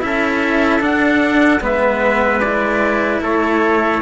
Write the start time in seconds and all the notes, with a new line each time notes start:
0.00 C#4 E4 E5
0.06 A4
0.80 D4 F#5
1.61 G#3 B3 B4 E5
2.40 E4 D5
3.21 A3 A4 C#5